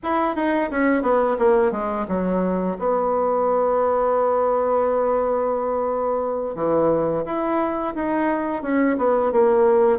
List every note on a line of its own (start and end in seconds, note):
0.03 0.35 E4
0.35 0.70 D#4
0.71 1.02 C#4
1.02 1.36 B3
1.38 1.71 A#3
1.71 2.06 G#3
2.08 2.76 F#3
2.79 6.55 B3
6.55 7.24 E3
7.25 7.94 E4
7.95 8.62 D#4
8.62 8.97 C#4
8.97 9.32 B3
9.32 9.98 A#3